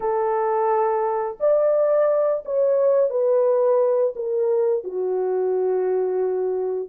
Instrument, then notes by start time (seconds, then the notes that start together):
horn
0.00 A4
1.40 D5
2.45 C#5
3.10 B4
4.15 A#4
4.84 F#4